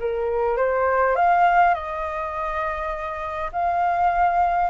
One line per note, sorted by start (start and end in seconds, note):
0.00 0.57 A#4
0.57 1.16 C5
1.16 1.75 F5
1.75 3.51 D#5
3.53 4.70 F5